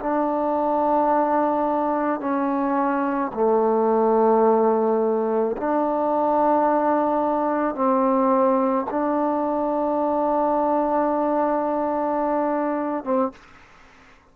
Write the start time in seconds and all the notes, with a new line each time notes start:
0.00 D4
2.21 C#4
3.34 A3
5.58 D4
7.75 C4
8.91 D4
13.05 C4